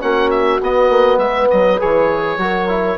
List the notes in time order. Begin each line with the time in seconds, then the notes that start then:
0.00 A#3 C#4 F#4 F#5
0.30 E5
0.59 B3 D#5
0.89 A#3
1.17 G#3 B4 E5
1.50 F#3 D#5
1.79 E3 G#4 C#5
2.37 F#3 F#4 A#4
2.68 E4